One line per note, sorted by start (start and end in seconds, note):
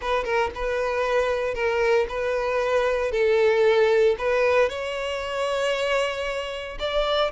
0.01 0.24 B4
0.24 0.50 A#4
0.55 1.54 B4
1.54 2.06 A#4
2.08 3.11 B4
3.11 4.16 A4
4.18 4.69 B4
4.69 6.78 C#5
6.79 7.31 D5